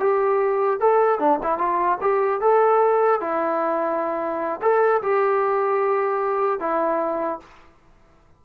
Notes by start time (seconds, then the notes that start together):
0.00 G4
0.80 A4
1.20 D4
1.43 E4
1.58 F4
2.01 G4
2.41 A4
3.21 E4
4.62 A4
5.02 G4
6.60 E4